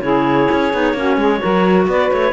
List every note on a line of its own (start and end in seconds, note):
0.00 0.49 C#3
0.00 0.73 E4
0.00 0.96 G#4
0.00 1.86 C#5
0.52 0.74 C#4
0.73 0.94 B3
0.73 0.96 D#4
0.94 1.17 A#3
0.94 1.39 C#4
0.94 1.19 F#4
1.17 1.41 G#3
1.17 1.41 G#4
1.39 2.32 F#4
1.39 1.87 A#4
1.45 1.87 F#3
1.87 2.11 B3
1.87 2.33 B4
1.87 2.12 D5
2.12 2.33 A3
2.12 2.33 C#5